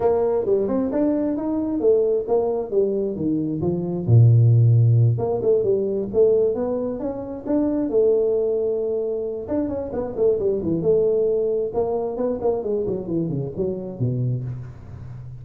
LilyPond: \new Staff \with { instrumentName = "tuba" } { \time 4/4 \tempo 4 = 133 ais4 g8 c'8 d'4 dis'4 | a4 ais4 g4 dis4 | f4 ais,2~ ais,8 ais8 | a8 g4 a4 b4 cis'8~ |
cis'8 d'4 a2~ a8~ | a4 d'8 cis'8 b8 a8 g8 e8 | a2 ais4 b8 ais8 | gis8 fis8 e8 cis8 fis4 b,4 | }